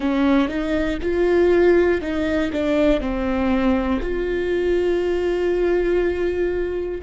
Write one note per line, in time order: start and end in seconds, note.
0.00 0.48 C#4
0.48 0.98 D#4
1.01 2.00 F4
2.00 2.50 D#4
2.52 3.00 D4
3.00 4.00 C4
4.01 7.01 F4